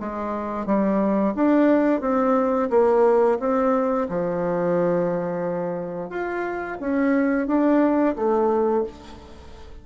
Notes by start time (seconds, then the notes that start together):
0.00 G#3
0.66 G3
1.35 D4
2.01 C4
2.71 A#3
3.40 C4
4.09 F3
6.10 F4
6.80 C#4
7.48 D4
8.16 A3